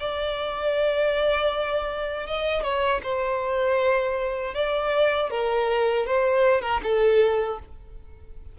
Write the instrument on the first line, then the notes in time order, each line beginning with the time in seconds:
violin
0.00 D5
2.27 D#5
2.63 C#5
3.03 C5
4.54 D5
5.31 A#4
6.06 C5
6.62 A#4
6.84 A4